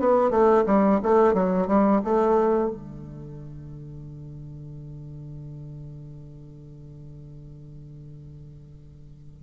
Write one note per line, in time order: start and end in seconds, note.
0.00 0.30 B3
0.30 0.64 A3
0.66 1.00 G3
1.03 1.34 A3
1.34 1.68 F#3
1.68 2.01 G3
2.05 2.71 A3
2.71 9.43 D3